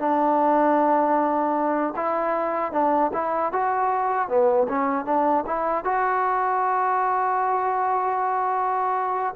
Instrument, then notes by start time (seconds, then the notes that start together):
trombone
0.00 D4
1.97 E4
2.72 D4
3.14 E4
3.53 F#4
4.29 B3
4.69 C#4
5.06 D4
5.47 E4
5.85 F#4